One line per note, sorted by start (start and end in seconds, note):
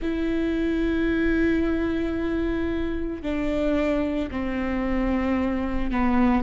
0.01 3.22 E4
3.22 4.29 D4
4.31 5.91 C4
5.91 6.43 B3